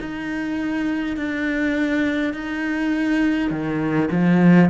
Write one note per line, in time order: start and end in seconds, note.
0.00 1.17 D#4
1.17 2.34 D4
2.34 3.51 D#4
3.51 4.10 D#3
4.11 4.70 F3